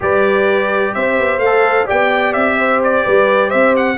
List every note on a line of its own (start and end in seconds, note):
0.00 0.95 G3
0.00 1.40 G4
0.00 0.94 B4
0.00 0.94 D5
0.94 1.18 C4
0.94 1.86 C5
0.94 1.39 E5
1.18 1.38 B3
1.38 1.84 A3
1.38 1.86 F5
1.45 1.85 A4
1.85 2.35 B3
1.85 3.96 G4
1.85 2.56 D5
1.85 2.33 G5
2.33 3.05 C4
2.33 2.80 E5
2.58 3.04 C5
2.83 3.50 D5
3.04 3.53 G3
3.04 3.48 B4
3.48 3.97 C4
3.48 3.94 C5
3.48 3.73 E5
3.76 3.97 F#5